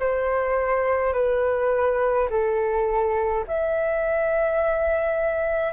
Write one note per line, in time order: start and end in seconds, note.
0.00 1.13 C5
1.13 2.29 B4
2.30 3.45 A4
3.47 5.73 E5